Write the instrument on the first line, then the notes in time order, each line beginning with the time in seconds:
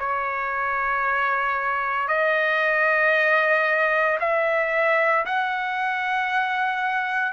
trumpet
0.00 C#5
2.09 D#5
4.21 E5
5.26 F#5